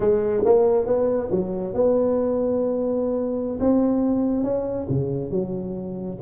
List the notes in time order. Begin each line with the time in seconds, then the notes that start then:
0.00 G#3
0.45 A#3
0.86 B3
1.31 F#3
1.74 B3
3.60 C4
4.43 C#4
4.89 C#3
5.30 F#3